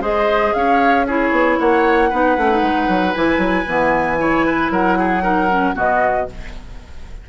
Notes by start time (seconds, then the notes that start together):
0.00 G#3 G#4 C5 D#5
0.54 C#4 C#5 F5
1.06 E4 G#4 C#5
1.31 B3
1.59 A#3 C#5 F#5
2.09 B3 D#4 B4
2.37 A3 C#4
2.50 D#4
2.62 G#3
2.88 F#3
3.14 E3 E4 G#5
3.37 F#3
3.67 E3 B3
4.19 E4 C#5
4.46 B4
4.70 F#3 A#4 F#5
4.98 G#4
5.22 D#4 A#4
5.51 C#4
5.74 B2 B3 F#4 D#5